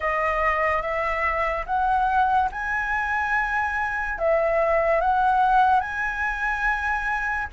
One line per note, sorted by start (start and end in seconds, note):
0.00 0.81 D#5
0.81 1.65 E5
1.66 2.49 F#5
2.52 4.18 G#5
4.18 5.00 E5
5.00 5.80 F#5
5.80 7.47 G#5